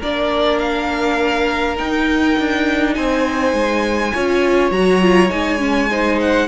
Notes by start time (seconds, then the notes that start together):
0.00 A#3 D4 A#4 D5
0.59 F5
1.77 D#4 G5
2.38 D4
2.94 C4 C5 G#5
3.53 G#3
4.14 C#4 F4 C#5
4.71 F#3 F#4 A#5
5.01 F4
5.29 G#3 D#4 G#5
5.59 C#4
5.90 D#4 C5
6.20 F#5